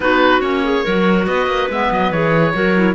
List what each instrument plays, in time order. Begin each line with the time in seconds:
0.00 cello B3, clarinet D#4 F#4, oboe B4
0.40 cello A#3, clarinet C#4, oboe C#5
0.64 clarinet G#4
0.84 cello F#3, clarinet F#4 A#4
1.26 cello B3, clarinet B4, oboe D#5
1.46 cello A#3
1.69 cello G#3, clarinet B3, oboe E5
1.90 cello F#3, oboe D#5
2.11 cello E3, clarinet G#4, oboe C#5
2.54 cello F#3, clarinet F#4 A#4
2.76 clarinet E4